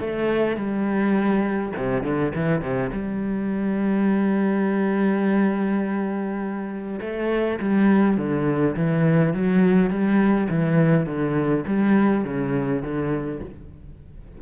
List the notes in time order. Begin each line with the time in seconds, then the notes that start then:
0.00 A3
0.56 G3
1.76 C3
2.03 D3
2.35 E3
2.61 C3
2.92 G3
7.01 A3
7.59 G3
8.17 D3
8.76 E3
9.34 F#3
9.90 G3
10.49 E3
11.06 D3
11.67 G3
12.24 C#3
12.82 D3